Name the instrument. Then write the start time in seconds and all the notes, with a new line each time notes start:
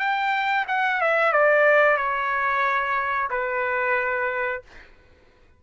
trumpet
0.00 G5
0.68 F#5
1.02 E5
1.33 D5
1.98 C#5
3.31 B4